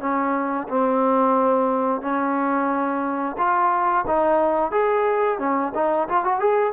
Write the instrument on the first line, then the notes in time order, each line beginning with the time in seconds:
trombone
0.00 C#4
0.68 C4
2.02 C#4
3.38 F4
4.07 D#4
4.72 G#4
5.39 C#4
5.75 D#4
6.09 F4
6.25 F#4
6.40 G#4